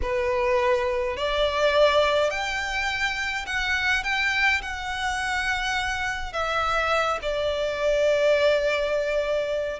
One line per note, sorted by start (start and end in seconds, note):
0.02 1.17 B4
1.17 2.30 D5
2.30 3.45 G5
3.46 4.03 F#5
4.03 4.61 G5
4.62 6.32 F#5
6.32 7.19 E5
7.22 9.79 D5